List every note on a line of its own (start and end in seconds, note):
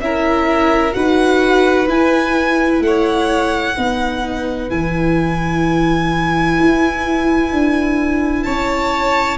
0.00 0.94 C#4
0.00 0.92 E4
0.00 0.96 A#4
0.00 0.93 E5
0.92 1.87 D#4
0.92 1.86 F#4
0.92 2.83 B4
0.92 1.87 F#5
1.87 2.79 E4
1.87 3.75 E4
1.87 2.82 G#5
2.79 3.73 A3
2.79 4.70 F#5
2.86 3.77 C#5
3.76 4.71 B3
3.76 4.69 D#4
3.76 8.45 B4
4.69 6.59 E3
4.69 9.37 E4
4.69 8.43 G#5
6.59 7.52 E4
7.52 8.46 D4
8.43 9.37 C#4
8.43 9.37 C#5
8.43 9.37 A5